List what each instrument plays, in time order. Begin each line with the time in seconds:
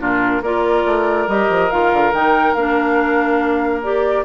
0.00 bassoon A#2, clarinet D4, oboe F4, flute A#4
0.42 bassoon A#3, clarinet F4, oboe A#4, flute D5
0.86 bassoon A3
1.28 bassoon G3, clarinet G4, flute D#5
1.49 bassoon F3
1.71 bassoon D#3, clarinet F4, flute F5
1.93 bassoon D3
2.13 bassoon D#3, clarinet D#4, flute G5
2.54 bassoon A#3, clarinet D4, flute F5
3.83 clarinet G4, flute D5